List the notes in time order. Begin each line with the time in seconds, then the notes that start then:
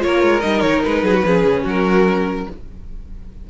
0.00 A#3 F4 A#4 C#5
0.23 G#3
0.40 G3 D#4 D#5
0.61 D#3 C#5
0.84 G#3 B4
1.03 F#3 G#4
1.14 F#4
1.24 F3 C#4 G#4
1.43 C#3
1.63 F#3 F#4 A#4